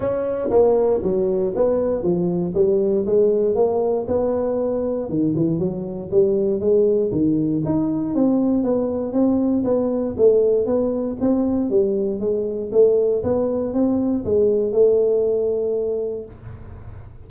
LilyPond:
\new Staff \with { instrumentName = "tuba" } { \time 4/4 \tempo 4 = 118 cis'4 ais4 fis4 b4 | f4 g4 gis4 ais4 | b2 dis8 e8 fis4 | g4 gis4 dis4 dis'4 |
c'4 b4 c'4 b4 | a4 b4 c'4 g4 | gis4 a4 b4 c'4 | gis4 a2. | }